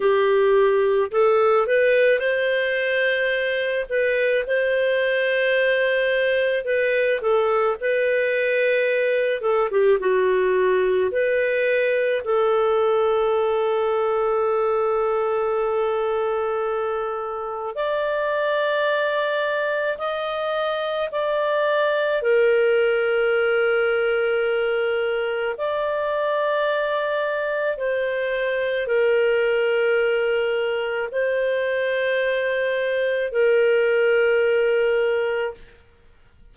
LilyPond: \new Staff \with { instrumentName = "clarinet" } { \time 4/4 \tempo 4 = 54 g'4 a'8 b'8 c''4. b'8 | c''2 b'8 a'8 b'4~ | b'8 a'16 g'16 fis'4 b'4 a'4~ | a'1 |
d''2 dis''4 d''4 | ais'2. d''4~ | d''4 c''4 ais'2 | c''2 ais'2 | }